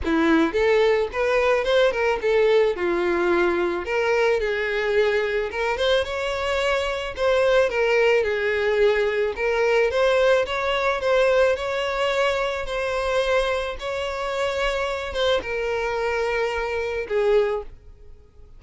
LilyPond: \new Staff \with { instrumentName = "violin" } { \time 4/4 \tempo 4 = 109 e'4 a'4 b'4 c''8 ais'8 | a'4 f'2 ais'4 | gis'2 ais'8 c''8 cis''4~ | cis''4 c''4 ais'4 gis'4~ |
gis'4 ais'4 c''4 cis''4 | c''4 cis''2 c''4~ | c''4 cis''2~ cis''8 c''8 | ais'2. gis'4 | }